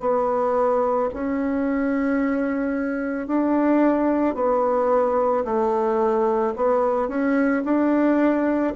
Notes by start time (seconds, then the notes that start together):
0.00 B3
1.14 C#4
3.27 D4
4.35 B3
5.44 A3
6.56 B3
7.08 C#4
7.65 D4